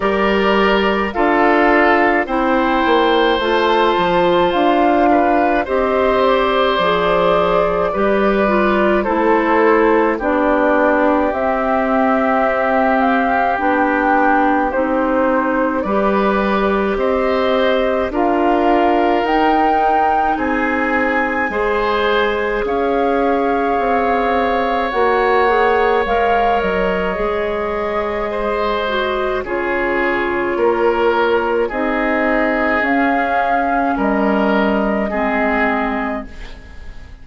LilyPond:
<<
  \new Staff \with { instrumentName = "flute" } { \time 4/4 \tempo 4 = 53 d''4 f''4 g''4 a''4 | f''4 dis''8 d''2~ d''8 | c''4 d''4 e''4. f''8 | g''4 c''4 d''4 dis''4 |
f''4 g''4 gis''2 | f''2 fis''4 f''8 dis''8~ | dis''2 cis''2 | dis''4 f''4 dis''2 | }
  \new Staff \with { instrumentName = "oboe" } { \time 4/4 ais'4 a'4 c''2~ | c''8 b'8 c''2 b'4 | a'4 g'2.~ | g'2 b'4 c''4 |
ais'2 gis'4 c''4 | cis''1~ | cis''4 c''4 gis'4 ais'4 | gis'2 ais'4 gis'4 | }
  \new Staff \with { instrumentName = "clarinet" } { \time 4/4 g'4 f'4 e'4 f'4~ | f'4 g'4 gis'4 g'8 f'8 | e'4 d'4 c'2 | d'4 dis'4 g'2 |
f'4 dis'2 gis'4~ | gis'2 fis'8 gis'8 ais'4 | gis'4. fis'8 f'2 | dis'4 cis'2 c'4 | }
  \new Staff \with { instrumentName = "bassoon" } { \time 4/4 g4 d'4 c'8 ais8 a8 f8 | d'4 c'4 f4 g4 | a4 b4 c'2 | b4 c'4 g4 c'4 |
d'4 dis'4 c'4 gis4 | cis'4 c'4 ais4 gis8 fis8 | gis2 cis4 ais4 | c'4 cis'4 g4 gis4 | }
>>